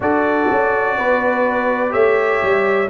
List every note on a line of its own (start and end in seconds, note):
0.00 0.48 D4
0.00 1.89 F#4
0.00 0.97 A4
0.00 1.92 D5
0.50 0.98 C#4
0.97 1.93 B3
0.97 1.93 B4
1.89 2.41 A3
1.89 2.86 G4
1.89 2.89 C#5
1.89 2.89 E5
2.42 2.90 G3